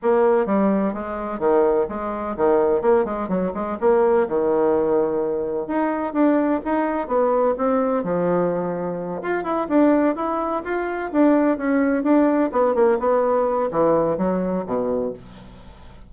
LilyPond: \new Staff \with { instrumentName = "bassoon" } { \time 4/4 \tempo 4 = 127 ais4 g4 gis4 dis4 | gis4 dis4 ais8 gis8 fis8 gis8 | ais4 dis2. | dis'4 d'4 dis'4 b4 |
c'4 f2~ f8 f'8 | e'8 d'4 e'4 f'4 d'8~ | d'8 cis'4 d'4 b8 ais8 b8~ | b4 e4 fis4 b,4 | }